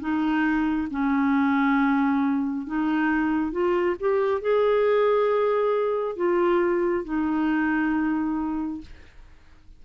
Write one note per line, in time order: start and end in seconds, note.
0.00 0.88 D#4
0.90 2.67 C#4
2.67 3.52 D#4
3.52 3.96 F4
4.00 4.41 G4
4.41 6.16 G#4
6.16 7.04 F4
7.04 8.81 D#4